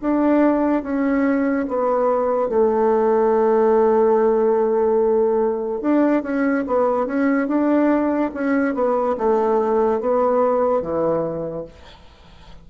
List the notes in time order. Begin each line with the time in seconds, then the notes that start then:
0.00 D4
0.82 C#4
1.67 B3
2.48 A3
5.81 D4
6.22 C#4
6.66 B3
7.06 C#4
7.47 D4
8.33 C#4
8.74 B3
9.17 A3
10.00 B3
10.81 E3